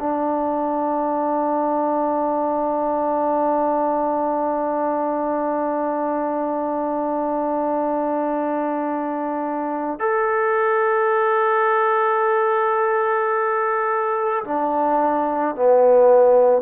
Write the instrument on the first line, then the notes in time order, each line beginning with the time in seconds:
trombone
0.00 D4
10.00 A4
14.44 D4
15.56 B3